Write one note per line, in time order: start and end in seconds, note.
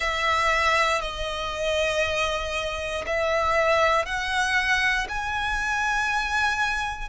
0.00 1.01 E5
1.01 3.05 D#5
3.06 4.05 E5
4.05 5.07 F#5
5.08 7.09 G#5